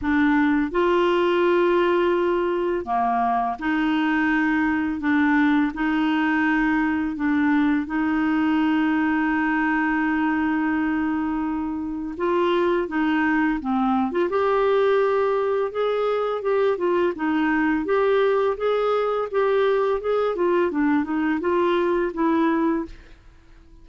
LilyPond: \new Staff \with { instrumentName = "clarinet" } { \time 4/4 \tempo 4 = 84 d'4 f'2. | ais4 dis'2 d'4 | dis'2 d'4 dis'4~ | dis'1~ |
dis'4 f'4 dis'4 c'8. f'16 | g'2 gis'4 g'8 f'8 | dis'4 g'4 gis'4 g'4 | gis'8 f'8 d'8 dis'8 f'4 e'4 | }